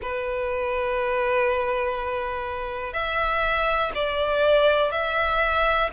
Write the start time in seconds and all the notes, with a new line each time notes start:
0.02 B4
2.93 E5
3.94 D5
4.91 E5